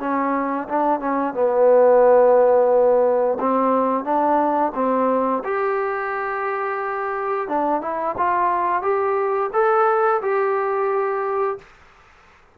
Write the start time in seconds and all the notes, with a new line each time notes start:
0.00 C#4
0.69 D4
1.00 C#4
1.34 B3
3.40 C4
4.04 D4
4.75 C4
5.45 G4
7.48 D4
7.82 E4
8.18 F4
8.83 G4
9.53 A4
10.22 G4